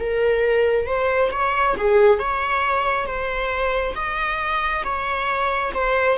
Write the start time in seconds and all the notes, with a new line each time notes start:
0.00 A#4
0.87 C5
1.32 C#5
1.78 G#4
2.19 C#5
3.07 C5
3.95 D#5
4.84 C#5
5.74 C5